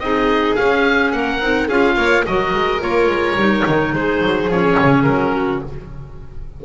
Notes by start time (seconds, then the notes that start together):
0.00 C4 D#4 G#4 D#5
0.56 C#4 F5
1.12 A#3 A#4 F#5
1.41 C4 D#4
1.68 C#4 F4 G#4 F5
1.96 A#3 C#5
2.26 F#3 F#4 A#4 D#5
2.54 G#3
2.81 A#3 F4 C#5
3.07 G#3
3.36 G3 D#4
3.67 D#3
3.93 G#3 G#4 C5
4.22 F#3
4.48 F3 C#4 C#5
4.80 C#3
5.04 F#3 A#4
5.35 F#4